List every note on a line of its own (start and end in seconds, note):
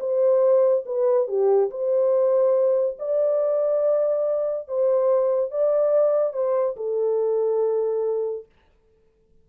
0.00 0.85 C5
0.86 1.28 B4
1.28 1.70 G4
1.70 2.97 C5
2.99 4.68 D5
4.68 5.51 C5
5.51 6.33 D5
6.33 6.75 C5
6.76 8.45 A4